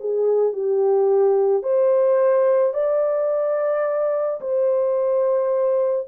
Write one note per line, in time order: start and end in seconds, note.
0.00 0.53 G#4
0.53 1.63 G4
1.63 2.74 C5
2.74 4.40 D5
4.41 6.08 C5